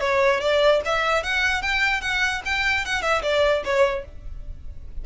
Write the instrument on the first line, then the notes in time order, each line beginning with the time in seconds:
violin
0.00 C#5
0.40 D5
0.85 E5
1.23 F#5
1.62 G5
2.01 F#5
2.45 G5
2.85 F#5
3.02 E5
3.22 D5
3.64 C#5